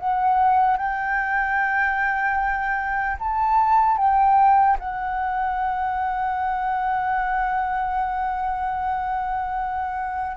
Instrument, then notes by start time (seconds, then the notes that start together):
flute
0.00 F#5
0.77 G5
3.20 A5
3.98 G5
4.80 F#5